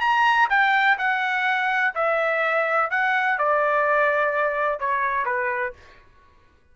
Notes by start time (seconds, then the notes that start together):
0.00 A#5
0.50 G5
0.98 F#5
1.95 E5
2.90 F#5
3.38 D5
4.80 C#5
5.25 B4